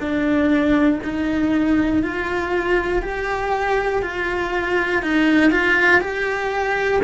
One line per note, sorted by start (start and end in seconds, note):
0.00 1.00 D4
1.03 2.03 D#4
2.03 3.02 F4
3.02 4.02 G4
4.02 5.02 F4
5.02 5.51 D#4
5.51 6.01 F4
6.01 7.01 G4